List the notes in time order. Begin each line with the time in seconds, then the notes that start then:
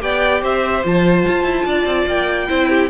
0.00 B3 G4 D5 G5
0.43 C4 C5 E5
0.84 F3 F4 A5
1.28 F4
1.44 E4
1.66 D4 D5
1.86 C4
2.07 A#3 G5
2.49 C4 E4 C5
2.69 G4